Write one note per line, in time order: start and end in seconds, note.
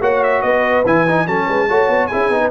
0.00 0.42 A#3
0.00 0.84 F#4
0.00 0.42 C#5
0.00 0.22 F#5
0.22 0.41 E5
0.41 0.84 B3
0.41 1.26 B4
0.41 0.83 D#5
0.85 1.26 E3
0.85 1.07 E4
0.85 1.26 G#5
1.07 1.27 D#4
1.26 1.47 F#3
1.26 1.68 C#4
1.26 1.47 A4
1.26 2.07 A5
1.47 1.69 G#3
1.47 1.67 B4
1.68 1.87 A3
1.68 2.10 F#4
1.68 2.09 C#5
1.87 2.08 B3
2.07 2.31 E4
2.07 2.40 G#4
2.07 2.48 G#5
2.13 2.29 C#4
2.29 2.50 B3
2.29 2.51 D#4
2.40 2.51 B4